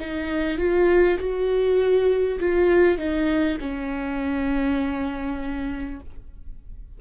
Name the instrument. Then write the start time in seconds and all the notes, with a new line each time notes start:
viola
0.00 D#4
0.58 F4
1.19 F#4
2.40 F4
2.98 D#4
3.60 C#4